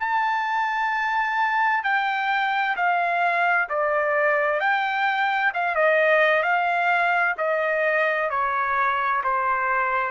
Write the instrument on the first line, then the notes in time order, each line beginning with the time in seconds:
trumpet
0.00 A5
1.84 G5
2.77 F5
3.70 D5
4.60 G5
5.54 F5
5.75 D#5
6.43 F5
7.38 D#5
8.30 C#5
9.24 C5